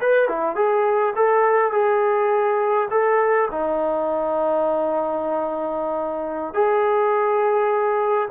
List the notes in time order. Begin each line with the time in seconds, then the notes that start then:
0.00 B4
0.28 E4
0.55 G#4
1.15 A4
1.72 G#4
2.90 A4
3.51 D#4
6.53 G#4